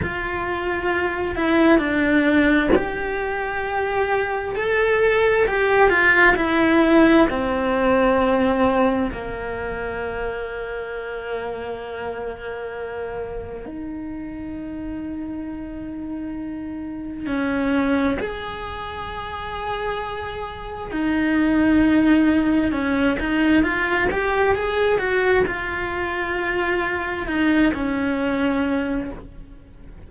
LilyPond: \new Staff \with { instrumentName = "cello" } { \time 4/4 \tempo 4 = 66 f'4. e'8 d'4 g'4~ | g'4 a'4 g'8 f'8 e'4 | c'2 ais2~ | ais2. dis'4~ |
dis'2. cis'4 | gis'2. dis'4~ | dis'4 cis'8 dis'8 f'8 g'8 gis'8 fis'8 | f'2 dis'8 cis'4. | }